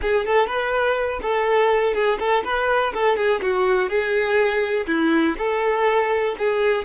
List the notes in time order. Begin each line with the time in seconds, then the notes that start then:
0.01 G#4
0.25 A4
0.47 B4
1.22 A4
1.94 G#4
2.19 A4
2.44 B4
2.93 A4
3.16 G#4
3.41 F#4
3.89 G#4
4.86 E4
5.37 A4
6.38 G#4